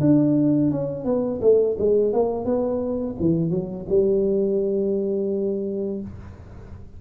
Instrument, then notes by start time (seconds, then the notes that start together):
tuba
0.00 D4
0.71 C#4
1.05 B3
1.41 A3
1.78 G#3
2.13 A#3
2.45 B3
3.19 E3
3.50 F#3
3.89 G3